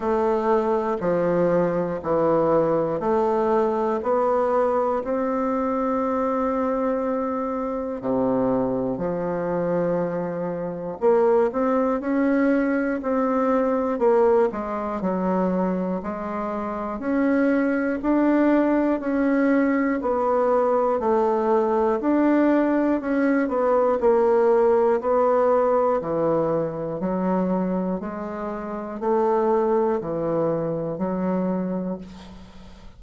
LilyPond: \new Staff \with { instrumentName = "bassoon" } { \time 4/4 \tempo 4 = 60 a4 f4 e4 a4 | b4 c'2. | c4 f2 ais8 c'8 | cis'4 c'4 ais8 gis8 fis4 |
gis4 cis'4 d'4 cis'4 | b4 a4 d'4 cis'8 b8 | ais4 b4 e4 fis4 | gis4 a4 e4 fis4 | }